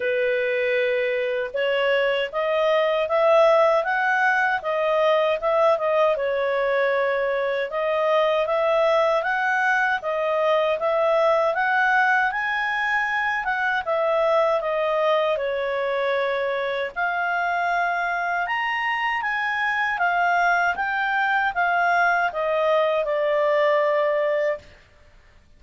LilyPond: \new Staff \with { instrumentName = "clarinet" } { \time 4/4 \tempo 4 = 78 b'2 cis''4 dis''4 | e''4 fis''4 dis''4 e''8 dis''8 | cis''2 dis''4 e''4 | fis''4 dis''4 e''4 fis''4 |
gis''4. fis''8 e''4 dis''4 | cis''2 f''2 | ais''4 gis''4 f''4 g''4 | f''4 dis''4 d''2 | }